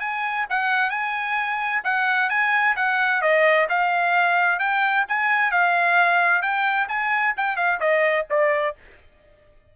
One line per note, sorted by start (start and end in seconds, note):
0.00 0.46 G#5
0.50 0.90 F#5
0.90 1.82 G#5
1.84 2.29 F#5
2.29 2.75 G#5
2.76 3.21 F#5
3.21 3.67 D#5
3.69 4.59 F5
4.59 5.05 G5
5.08 5.51 G#5
5.51 6.42 F5
6.42 6.88 G5
6.88 7.34 G#5
7.37 7.56 G5
7.56 7.79 F5
7.80 8.26 D#5
8.30 8.76 D5